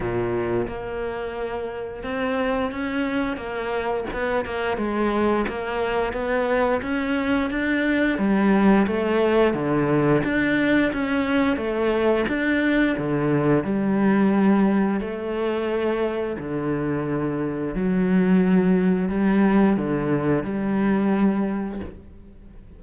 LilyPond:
\new Staff \with { instrumentName = "cello" } { \time 4/4 \tempo 4 = 88 ais,4 ais2 c'4 | cis'4 ais4 b8 ais8 gis4 | ais4 b4 cis'4 d'4 | g4 a4 d4 d'4 |
cis'4 a4 d'4 d4 | g2 a2 | d2 fis2 | g4 d4 g2 | }